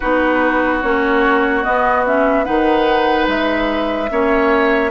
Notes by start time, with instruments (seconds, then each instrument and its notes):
0.00 bassoon B3, clarinet D#4, oboe F#4, flute B4
0.81 bassoon A#3, clarinet C#4, flute C#5
1.63 clarinet B3, bassoon B3, flute D#5
2.05 clarinet C#4, flute E5
2.44 bassoon D#3, clarinet D#4, oboe B4, flute F#5
3.27 bassoon G#3, flute E5
4.09 bassoon A#3, clarinet C#4, oboe C#5